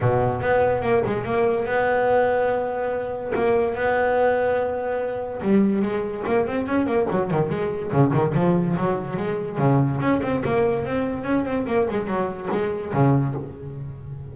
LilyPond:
\new Staff \with { instrumentName = "double bass" } { \time 4/4 \tempo 4 = 144 b,4 b4 ais8 gis8 ais4 | b1 | ais4 b2.~ | b4 g4 gis4 ais8 c'8 |
cis'8 ais8 fis8 dis8 gis4 cis8 dis8 | f4 fis4 gis4 cis4 | cis'8 c'8 ais4 c'4 cis'8 c'8 | ais8 gis8 fis4 gis4 cis4 | }